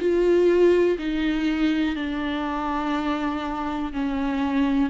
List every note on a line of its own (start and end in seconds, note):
0.00 0.98 F4
0.99 1.96 D#4
1.96 3.93 D4
3.93 4.90 C#4